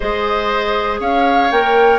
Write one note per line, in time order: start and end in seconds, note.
0.00 1.00 G#3
0.00 1.50 G#4
0.00 1.00 C5
0.00 0.98 D#5
1.00 1.50 C#4
1.00 1.98 C#5
1.00 1.51 F5
1.51 1.98 A#3
1.51 1.98 A#4
1.51 1.98 G5